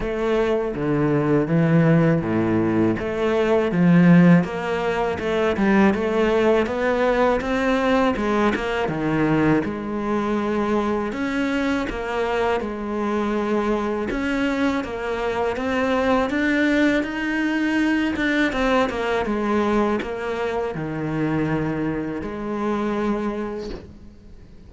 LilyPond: \new Staff \with { instrumentName = "cello" } { \time 4/4 \tempo 4 = 81 a4 d4 e4 a,4 | a4 f4 ais4 a8 g8 | a4 b4 c'4 gis8 ais8 | dis4 gis2 cis'4 |
ais4 gis2 cis'4 | ais4 c'4 d'4 dis'4~ | dis'8 d'8 c'8 ais8 gis4 ais4 | dis2 gis2 | }